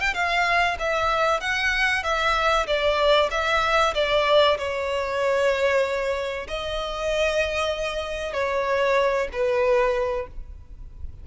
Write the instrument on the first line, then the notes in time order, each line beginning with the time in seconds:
violin
0.00 G5
0.14 F5
0.79 E5
1.40 F#5
2.03 E5
2.67 D5
3.31 E5
3.94 D5
4.58 C#5
6.47 D#5
8.33 C#5
9.32 B4